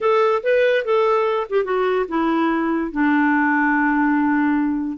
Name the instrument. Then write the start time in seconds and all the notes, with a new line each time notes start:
clarinet
0.01 A4
0.43 B4
0.84 A4
1.49 G4
1.64 F#4
2.08 E4
2.91 D4